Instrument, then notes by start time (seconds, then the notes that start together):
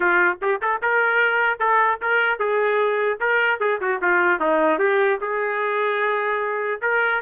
trumpet
0.00 F4
0.41 G4
0.61 A4
0.81 A#4
1.59 A4
2.01 A#4
2.39 G#4
3.20 A#4
3.59 G#4
3.80 F#4
4.01 F4
4.40 D#4
4.78 G4
5.20 G#4
6.81 A#4